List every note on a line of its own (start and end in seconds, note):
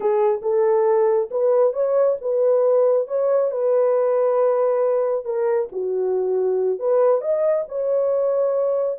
0.00 0.41 G#4
0.42 1.29 A4
1.30 1.73 B4
1.73 2.17 C#5
2.21 3.07 B4
3.07 3.51 C#5
3.51 5.25 B4
5.25 5.68 A#4
5.72 6.79 F#4
6.79 7.21 B4
7.21 7.65 D#5
7.68 8.98 C#5